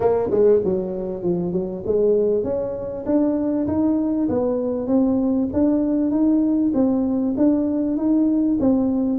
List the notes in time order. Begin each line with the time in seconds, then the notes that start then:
0.00 A#3
0.31 G#3
0.64 F#3
1.22 F3
1.52 F#3
1.86 G#3
2.43 C#4
3.05 D4
3.67 D#4
4.29 B3
4.87 C4
5.53 D4
6.10 D#4
6.73 C4
7.37 D4
7.96 D#4
8.60 C4